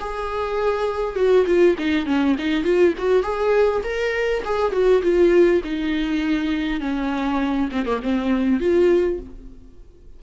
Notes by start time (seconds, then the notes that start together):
0.00 G#4
1.16 F#4
1.46 F4
1.78 D#4
2.06 C#4
2.38 D#4
2.64 F4
2.98 F#4
3.23 G#4
3.83 A#4
4.45 G#4
4.72 F#4
5.02 F4
5.64 D#4
6.80 C#4
7.71 C4
7.86 A#3
8.03 C4
8.60 F4